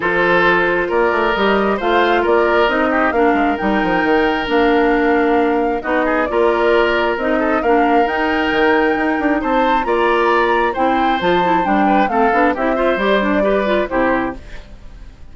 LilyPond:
<<
  \new Staff \with { instrumentName = "flute" } { \time 4/4 \tempo 4 = 134 c''2 d''4 dis''4 | f''4 d''4 dis''4 f''4 | g''2 f''2~ | f''4 dis''4 d''2 |
dis''4 f''4 g''2~ | g''4 a''4 ais''2 | g''4 a''4 g''4 f''4 | e''4 d''2 c''4 | }
  \new Staff \with { instrumentName = "oboe" } { \time 4/4 a'2 ais'2 | c''4 ais'4. g'8 ais'4~ | ais'1~ | ais'4 fis'8 gis'8 ais'2~ |
ais'8 a'8 ais'2.~ | ais'4 c''4 d''2 | c''2~ c''8 b'8 a'4 | g'8 c''4. b'4 g'4 | }
  \new Staff \with { instrumentName = "clarinet" } { \time 4/4 f'2. g'4 | f'2 dis'4 d'4 | dis'2 d'2~ | d'4 dis'4 f'2 |
dis'4 d'4 dis'2~ | dis'2 f'2 | e'4 f'8 e'8 d'4 c'8 d'8 | e'8 f'8 g'8 d'8 g'8 f'8 e'4 | }
  \new Staff \with { instrumentName = "bassoon" } { \time 4/4 f2 ais8 a8 g4 | a4 ais4 c'4 ais8 gis8 | g8 f8 dis4 ais2~ | ais4 b4 ais2 |
c'4 ais4 dis'4 dis4 | dis'8 d'8 c'4 ais2 | c'4 f4 g4 a8 b8 | c'4 g2 c4 | }
>>